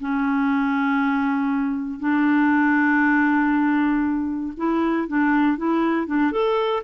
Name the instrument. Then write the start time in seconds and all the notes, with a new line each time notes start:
clarinet
0.00 C#4
1.99 D4
4.57 E4
5.08 D4
5.57 E4
6.06 D4
6.32 A4